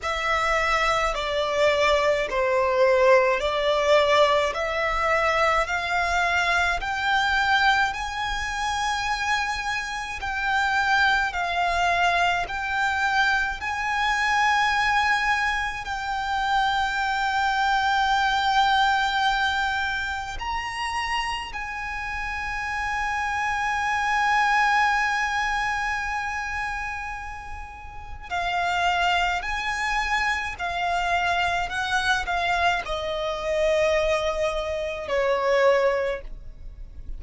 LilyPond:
\new Staff \with { instrumentName = "violin" } { \time 4/4 \tempo 4 = 53 e''4 d''4 c''4 d''4 | e''4 f''4 g''4 gis''4~ | gis''4 g''4 f''4 g''4 | gis''2 g''2~ |
g''2 ais''4 gis''4~ | gis''1~ | gis''4 f''4 gis''4 f''4 | fis''8 f''8 dis''2 cis''4 | }